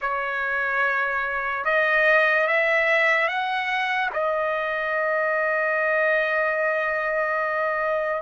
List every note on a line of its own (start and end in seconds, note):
0.01 1.64 C#5
1.64 2.47 D#5
2.47 3.28 E5
3.28 4.10 F#5
4.13 8.22 D#5